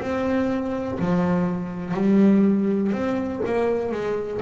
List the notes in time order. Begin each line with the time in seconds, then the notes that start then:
0.00 C4
0.99 F3
1.94 G3
2.92 C4
3.46 A#3
3.92 G#3